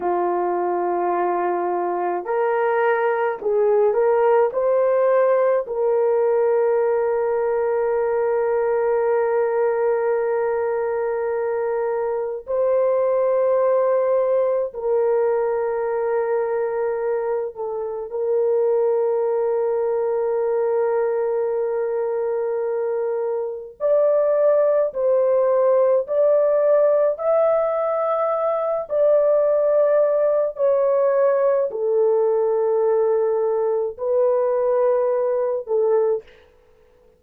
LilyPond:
\new Staff \with { instrumentName = "horn" } { \time 4/4 \tempo 4 = 53 f'2 ais'4 gis'8 ais'8 | c''4 ais'2.~ | ais'2. c''4~ | c''4 ais'2~ ais'8 a'8 |
ais'1~ | ais'4 d''4 c''4 d''4 | e''4. d''4. cis''4 | a'2 b'4. a'8 | }